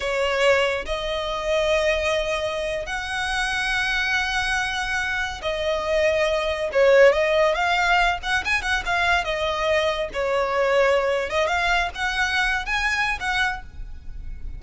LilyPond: \new Staff \with { instrumentName = "violin" } { \time 4/4 \tempo 4 = 141 cis''2 dis''2~ | dis''2~ dis''8. fis''4~ fis''16~ | fis''1~ | fis''8. dis''2. cis''16~ |
cis''8. dis''4 f''4. fis''8 gis''16~ | gis''16 fis''8 f''4 dis''2 cis''16~ | cis''2~ cis''8 dis''8 f''4 | fis''4.~ fis''16 gis''4~ gis''16 fis''4 | }